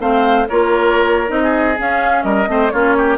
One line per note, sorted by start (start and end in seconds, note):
0.00 0.47 A3
0.00 0.47 C4
0.00 0.48 C5
0.00 0.48 F5
0.49 1.30 A#3
0.49 1.27 F4
0.49 1.43 A#4
0.49 1.31 C#5
1.27 1.77 C4
1.27 1.75 D#4
1.27 1.78 D#5
1.43 2.25 G#4
1.79 2.47 C#4
1.79 2.24 C#4
1.79 2.23 F5
2.23 2.48 G3
2.23 2.48 A#4
2.23 2.70 D#5
2.47 2.71 A3
2.47 2.71 C4
2.47 2.73 C5
2.70 3.18 A#3
2.70 3.18 C#4
2.70 2.97 F4
2.70 3.17 C#5
2.98 3.18 G4